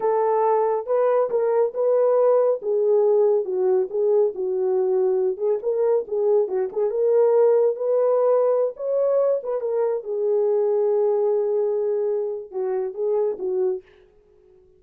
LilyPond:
\new Staff \with { instrumentName = "horn" } { \time 4/4 \tempo 4 = 139 a'2 b'4 ais'4 | b'2 gis'2 | fis'4 gis'4 fis'2~ | fis'8 gis'8 ais'4 gis'4 fis'8 gis'8 |
ais'2 b'2~ | b'16 cis''4. b'8 ais'4 gis'8.~ | gis'1~ | gis'4 fis'4 gis'4 fis'4 | }